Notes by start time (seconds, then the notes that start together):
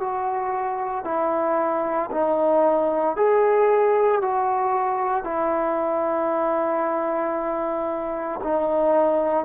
0.00 F#4
1.05 E4
2.11 D#4
3.16 G#4
4.22 F#4
5.24 E4
8.44 D#4